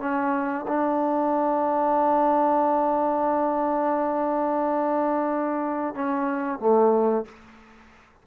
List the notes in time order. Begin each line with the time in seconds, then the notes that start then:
0.00 C#4
0.68 D4
5.95 C#4
6.60 A3